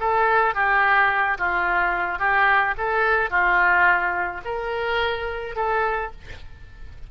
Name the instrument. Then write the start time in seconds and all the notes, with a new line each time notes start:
oboe
0.00 A4
0.55 G4
1.38 F4
2.19 G4
2.78 A4
3.30 F4
4.45 A#4
5.56 A4